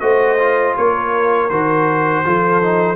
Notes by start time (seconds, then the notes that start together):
0.00 A3 F#4 C5 D#5
0.39 F4
0.77 A#3 A#4 C#5
1.49 D#3 F#4 C5
2.25 F3 F4 A4
2.62 D#4